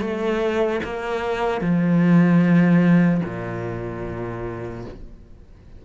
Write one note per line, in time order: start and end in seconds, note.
0.00 0.80 A3
0.84 1.61 A#3
1.61 3.21 F3
3.25 4.85 A#2